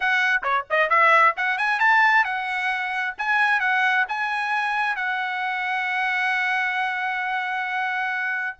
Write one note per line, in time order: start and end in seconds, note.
0.00 0.42 F#5
0.43 0.65 C#5
0.70 0.89 D#5
0.89 1.34 E5
1.36 1.57 F#5
1.57 1.79 G#5
1.79 2.24 A5
2.24 3.14 F#5
3.18 3.60 G#5
3.60 4.05 F#5
4.08 4.96 G#5
4.96 8.57 F#5